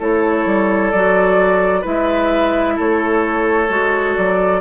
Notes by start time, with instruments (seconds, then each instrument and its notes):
0.00 bassoon A3, clarinet E4, oboe A4, flute C#5
0.46 bassoon G3
0.92 bassoon F#3, clarinet F#4, flute D5
1.82 bassoon G#3, clarinet E4, oboe B4, flute E5
2.77 bassoon A3, oboe A4, flute C#5
3.70 bassoon G#3, clarinet F#4
4.16 bassoon F#3, flute D5